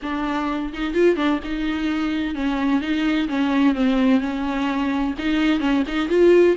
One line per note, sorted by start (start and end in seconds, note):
0.02 0.72 D4
0.73 0.94 D#4
0.94 1.16 F4
1.16 1.39 D4
1.44 2.34 D#4
2.34 2.81 C#4
2.81 3.28 D#4
3.28 3.74 C#4
3.74 4.20 C4
4.20 5.14 C#4
5.18 5.60 D#4
5.60 5.83 C#4
5.87 6.09 D#4
6.09 6.55 F4